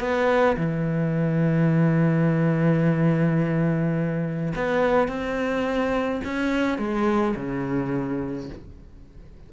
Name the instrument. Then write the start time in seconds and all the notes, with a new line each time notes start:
cello
0.00 B3
0.57 E3
4.56 B3
5.08 C4
6.25 C#4
6.78 G#3
7.37 C#3